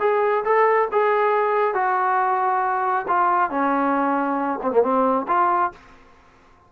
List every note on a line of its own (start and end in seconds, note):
0.00 0.44 G#4
0.45 0.88 A4
0.92 1.74 G#4
1.74 3.06 F#4
3.08 3.50 F4
3.50 4.60 C#4
4.63 4.72 C4
4.72 4.83 A#3
4.83 5.26 C4
5.28 5.72 F4